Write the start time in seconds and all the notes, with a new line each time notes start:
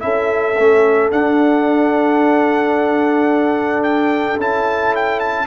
0.00 C#4 E4 A4 E5
0.58 A3 C#4
1.11 D4 F#5
3.84 G5
4.37 C#4 E4 A5
4.95 G5
5.20 A5